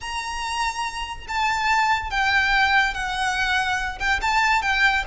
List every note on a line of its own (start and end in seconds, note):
0.00 1.26 A#5
1.28 2.10 A5
2.10 2.94 G5
2.94 3.99 F#5
3.99 4.20 G5
4.21 4.62 A5
4.62 5.03 G5